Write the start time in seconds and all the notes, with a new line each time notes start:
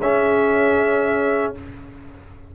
0.00 C#4 G#4 E5